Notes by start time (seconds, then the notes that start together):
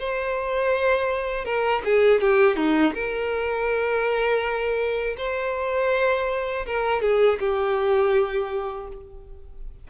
0.00 C5
1.45 A#4
1.85 G#4
2.21 G4
2.57 D#4
2.94 A#4
5.18 C5
6.67 A#4
7.02 G#4
7.40 G4